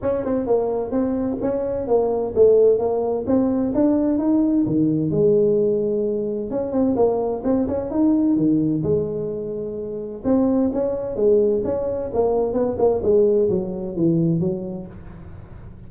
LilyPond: \new Staff \with { instrumentName = "tuba" } { \time 4/4 \tempo 4 = 129 cis'8 c'8 ais4 c'4 cis'4 | ais4 a4 ais4 c'4 | d'4 dis'4 dis4 gis4~ | gis2 cis'8 c'8 ais4 |
c'8 cis'8 dis'4 dis4 gis4~ | gis2 c'4 cis'4 | gis4 cis'4 ais4 b8 ais8 | gis4 fis4 e4 fis4 | }